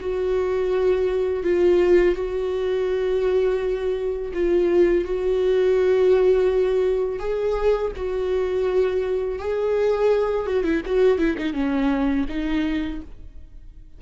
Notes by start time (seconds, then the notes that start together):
0.00 F#4
1.44 F4
2.15 F#4
4.34 F4
5.05 F#4
7.19 G#4
7.96 F#4
9.39 G#4
10.47 F#4
10.64 E4
10.85 F#4
11.18 E4
11.38 D#4
11.53 C#4
12.29 D#4